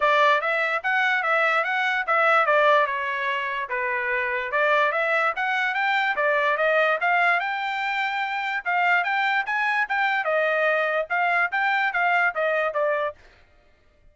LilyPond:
\new Staff \with { instrumentName = "trumpet" } { \time 4/4 \tempo 4 = 146 d''4 e''4 fis''4 e''4 | fis''4 e''4 d''4 cis''4~ | cis''4 b'2 d''4 | e''4 fis''4 g''4 d''4 |
dis''4 f''4 g''2~ | g''4 f''4 g''4 gis''4 | g''4 dis''2 f''4 | g''4 f''4 dis''4 d''4 | }